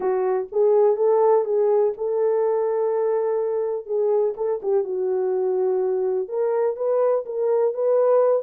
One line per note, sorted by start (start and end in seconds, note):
0.00 0.47 F#4
0.52 0.96 G#4
0.96 1.44 A4
1.44 1.93 G#4
1.97 3.86 A4
3.86 4.34 G#4
4.36 4.61 A4
4.62 4.83 G4
4.83 6.28 F#4
6.28 6.76 A#4
6.76 7.24 B4
7.25 7.74 A#4
7.74 8.42 B4